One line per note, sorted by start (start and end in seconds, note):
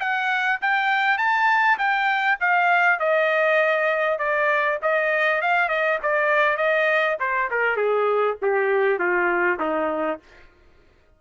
0.00 0.60 F#5
0.62 1.18 G5
1.18 1.78 A5
1.78 2.38 G5
2.40 3.00 F5
3.00 4.19 D#5
4.19 4.79 D5
4.82 5.42 D#5
5.42 5.69 F5
5.69 5.99 D#5
6.03 6.57 D5
6.57 7.17 D#5
7.20 7.50 C5
7.51 7.77 A#4
7.77 8.37 G#4
8.42 8.99 G4
8.99 9.59 F4
9.60 10.20 D#4